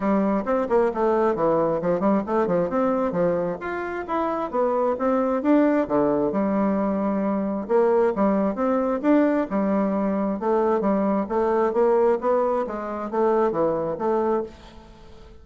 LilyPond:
\new Staff \with { instrumentName = "bassoon" } { \time 4/4 \tempo 4 = 133 g4 c'8 ais8 a4 e4 | f8 g8 a8 f8 c'4 f4 | f'4 e'4 b4 c'4 | d'4 d4 g2~ |
g4 ais4 g4 c'4 | d'4 g2 a4 | g4 a4 ais4 b4 | gis4 a4 e4 a4 | }